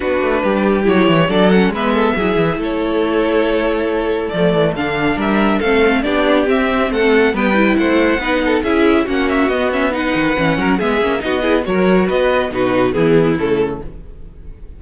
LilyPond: <<
  \new Staff \with { instrumentName = "violin" } { \time 4/4 \tempo 4 = 139 b'2 cis''4 d''8 fis''8 | e''2 cis''2~ | cis''2 d''4 f''4 | e''4 f''4 d''4 e''4 |
fis''4 g''4 fis''2 | e''4 fis''8 e''8 dis''8 e''8 fis''4~ | fis''4 e''4 dis''4 cis''4 | dis''4 b'4 gis'4 a'4 | }
  \new Staff \with { instrumentName = "violin" } { \time 4/4 fis'4 g'2 a'4 | b'8 a'8 gis'4 a'2~ | a'1 | ais'4 a'4 g'2 |
a'4 b'4 c''4 b'8 a'8 | gis'4 fis'2 b'4~ | b'8 ais'8 gis'4 fis'8 gis'8 ais'4 | b'4 fis'4 e'2 | }
  \new Staff \with { instrumentName = "viola" } { \time 4/4 d'2 e'4 d'8 cis'8 | b4 e'2.~ | e'2 a4 d'4~ | d'4 c'4 d'4 c'4~ |
c'4 b8 e'4. dis'4 | e'4 cis'4 b8 cis'8 dis'4 | cis'4 b8 cis'8 dis'8 e'8 fis'4~ | fis'4 dis'4 b4 a4 | }
  \new Staff \with { instrumentName = "cello" } { \time 4/4 b8 a8 g4 fis8 e8 fis4 | gis4 fis8 e8 a2~ | a2 f8 e8 d4 | g4 a4 b4 c'4 |
a4 g4 a4 b4 | cis'4 ais4 b4. dis8 | e8 fis8 gis8 ais8 b4 fis4 | b4 b,4 e4 cis4 | }
>>